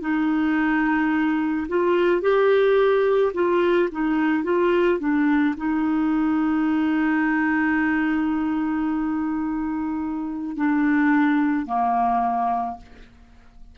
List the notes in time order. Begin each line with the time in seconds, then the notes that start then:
0.00 D#4
1.68 F4
2.21 G4
3.33 F4
3.91 D#4
4.43 F4
4.99 D4
5.57 D#4
10.56 D4
11.66 A#3